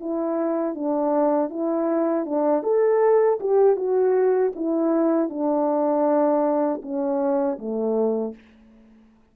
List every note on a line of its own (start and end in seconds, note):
0.00 0.74 E4
0.74 1.50 D4
1.50 2.25 E4
2.25 2.63 D4
2.63 3.39 A4
3.40 3.76 G4
3.76 4.52 F#4
4.55 5.29 E4
5.29 6.81 D4
6.82 7.58 C#4
7.59 8.35 A3